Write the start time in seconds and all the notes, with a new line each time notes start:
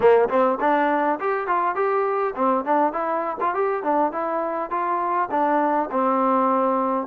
0.00 A#3
0.29 C4
0.60 D4
1.20 G4
1.47 F4
1.75 G4
2.35 C4
2.64 D4
2.92 E4
3.40 F4
3.54 G4
3.83 D4
4.12 E4
4.70 F4
5.30 D4
5.91 C4